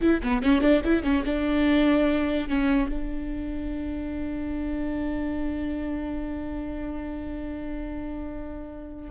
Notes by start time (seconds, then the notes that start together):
0.01 E4
0.23 B3
0.42 C#4
0.61 D4
0.84 E4
1.03 C#4
1.25 D4
2.48 C#4
2.89 D4